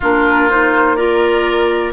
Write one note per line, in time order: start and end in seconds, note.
0.00 1.93 A#3
0.00 0.49 D4
0.00 0.96 F4
0.00 0.49 A#4
0.49 0.97 D#4
0.49 0.96 C5
0.96 1.93 F4
0.96 1.93 A#4
0.96 1.92 D5